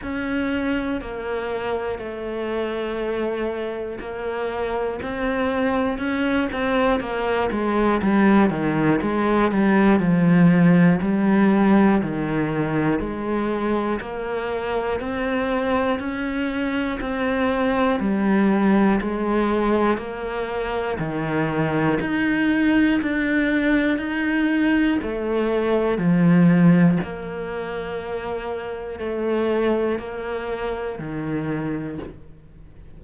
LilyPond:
\new Staff \with { instrumentName = "cello" } { \time 4/4 \tempo 4 = 60 cis'4 ais4 a2 | ais4 c'4 cis'8 c'8 ais8 gis8 | g8 dis8 gis8 g8 f4 g4 | dis4 gis4 ais4 c'4 |
cis'4 c'4 g4 gis4 | ais4 dis4 dis'4 d'4 | dis'4 a4 f4 ais4~ | ais4 a4 ais4 dis4 | }